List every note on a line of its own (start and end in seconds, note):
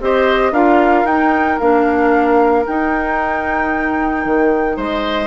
0.00 0.51 C4
0.00 0.53 G4
0.00 0.52 C5
0.00 0.53 D#5
0.51 1.04 D4
0.51 1.06 F4
0.51 4.76 A#4
0.51 1.06 F5
1.04 1.57 D#4
1.04 1.60 D#4
1.04 1.59 G5
1.59 2.66 A#3
1.59 2.65 D4
1.59 2.65 F5
2.65 5.27 D#4
2.65 4.25 D#4
2.65 4.78 G5
4.25 4.76 D#3
4.76 5.27 G#3
4.76 5.27 C5
4.76 5.27 D#5